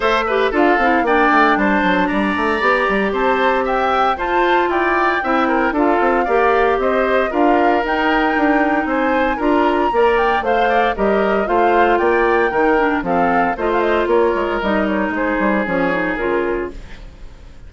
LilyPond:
<<
  \new Staff \with { instrumentName = "flute" } { \time 4/4 \tempo 4 = 115 e''4 f''4 g''4 a''4 | ais''2 a''4 g''4 | a''4 g''2 f''4~ | f''4 dis''4 f''4 g''4~ |
g''4 gis''4 ais''4. g''8 | f''4 dis''4 f''4 g''4~ | g''4 f''4 dis''16 f''16 dis''8 cis''4 | dis''8 cis''8 c''4 cis''4 ais'4 | }
  \new Staff \with { instrumentName = "oboe" } { \time 4/4 c''8 b'8 a'4 d''4 c''4 | d''2 c''4 e''4 | c''4 d''4 e''8 ais'8 a'4 | d''4 c''4 ais'2~ |
ais'4 c''4 ais'4 d''4 | c''8 d''8 ais'4 c''4 d''4 | ais'4 a'4 c''4 ais'4~ | ais'4 gis'2. | }
  \new Staff \with { instrumentName = "clarinet" } { \time 4/4 a'8 g'8 f'8 e'8 d'2~ | d'4 g'2. | f'2 e'4 f'4 | g'2 f'4 dis'4~ |
dis'2 f'4 ais'4 | c''4 g'4 f'2 | dis'8 d'8 c'4 f'2 | dis'2 cis'8 dis'8 f'4 | }
  \new Staff \with { instrumentName = "bassoon" } { \time 4/4 a4 d'8 c'8 ais8 a8 g8 fis8 | g8 a8 b8 g8 c'2 | f'4 e'4 c'4 d'8 c'8 | ais4 c'4 d'4 dis'4 |
d'4 c'4 d'4 ais4 | a4 g4 a4 ais4 | dis4 f4 a4 ais8 gis8 | g4 gis8 g8 f4 cis4 | }
>>